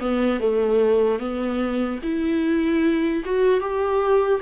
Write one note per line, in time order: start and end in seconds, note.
0.00 0.40 B3
0.40 1.20 A3
1.20 1.99 B3
2.03 3.23 E4
3.25 3.60 F#4
3.60 4.40 G4